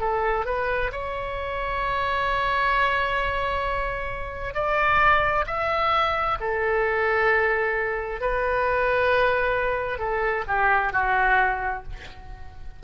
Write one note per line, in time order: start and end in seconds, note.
0.00 0.45 A4
0.45 0.91 B4
0.92 4.55 C#5
4.55 5.45 D5
5.47 6.38 E5
6.40 8.21 A4
8.21 9.99 B4
9.99 10.44 A4
10.48 10.93 G4
10.93 11.83 F#4